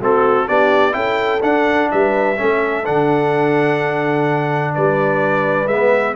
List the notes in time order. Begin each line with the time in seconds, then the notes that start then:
0.00 A3 C4 F#4 A4
0.47 B3 D4 G4 D5
0.92 C#4 E4 A4 G5
1.42 D4 F#5
1.92 G3 B4 E5
2.37 A3 C#4 A4
2.85 D3 D4 F#5
4.75 G3 B4 D5
5.67 G#3 B3 E5